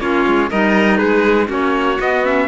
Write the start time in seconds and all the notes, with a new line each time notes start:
0.00 A#3 C#4 F4 C#5
0.26 G#3
0.50 G3 D#4 A#4 D#5
0.97 G#3 G#4 B4
1.47 A#3 C#4 F#4 C#5
2.00 B3 D#5
2.24 C#4 E5